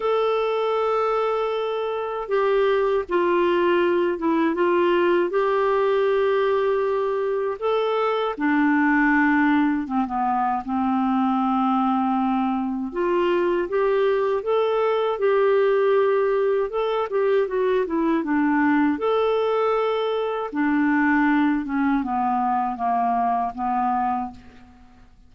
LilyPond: \new Staff \with { instrumentName = "clarinet" } { \time 4/4 \tempo 4 = 79 a'2. g'4 | f'4. e'8 f'4 g'4~ | g'2 a'4 d'4~ | d'4 c'16 b8. c'2~ |
c'4 f'4 g'4 a'4 | g'2 a'8 g'8 fis'8 e'8 | d'4 a'2 d'4~ | d'8 cis'8 b4 ais4 b4 | }